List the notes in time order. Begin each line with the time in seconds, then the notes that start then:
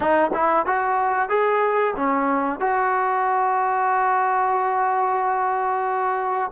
0.00 D#4
0.33 E4
0.66 F#4
1.29 G#4
1.96 C#4
2.59 F#4